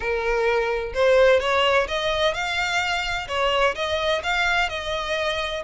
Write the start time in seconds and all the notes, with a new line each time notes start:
0.00 A#4
0.94 C5
1.40 C#5
1.87 D#5
2.34 F5
3.27 C#5
3.75 D#5
4.23 F5
4.69 D#5